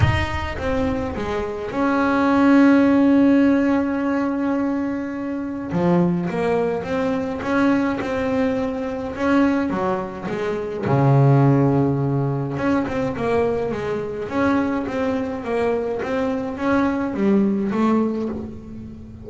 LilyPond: \new Staff \with { instrumentName = "double bass" } { \time 4/4 \tempo 4 = 105 dis'4 c'4 gis4 cis'4~ | cis'1~ | cis'2 f4 ais4 | c'4 cis'4 c'2 |
cis'4 fis4 gis4 cis4~ | cis2 cis'8 c'8 ais4 | gis4 cis'4 c'4 ais4 | c'4 cis'4 g4 a4 | }